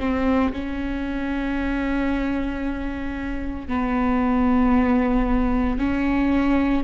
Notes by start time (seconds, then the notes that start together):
0.00 C4
0.53 C#4
3.68 B3
5.78 C#4